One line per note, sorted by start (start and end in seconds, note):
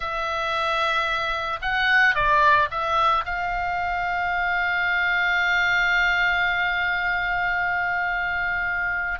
0.00 1.59 E5
1.61 2.14 F#5
2.14 2.68 D5
2.70 3.24 E5
3.25 9.19 F5